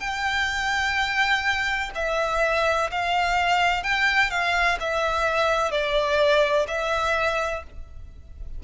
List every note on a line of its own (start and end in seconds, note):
0.00 1.90 G5
1.95 2.90 E5
2.91 3.83 F5
3.83 4.31 G5
4.31 4.78 F5
4.80 5.71 E5
5.71 6.67 D5
6.68 7.63 E5